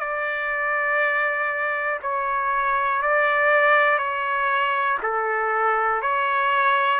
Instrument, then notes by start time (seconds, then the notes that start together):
trumpet
0.00 D5
2.02 C#5
3.02 D5
3.98 C#5
5.03 A4
6.02 C#5